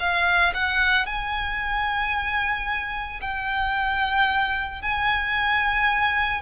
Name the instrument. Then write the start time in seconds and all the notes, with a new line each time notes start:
violin
0.00 F5
0.55 F#5
1.06 G#5
3.21 G5
4.82 G#5